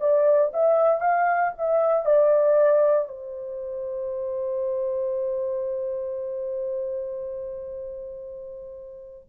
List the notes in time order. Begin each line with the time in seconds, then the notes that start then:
0.00 D5
0.53 E5
1.01 F5
1.58 E5
2.05 D5
3.08 C5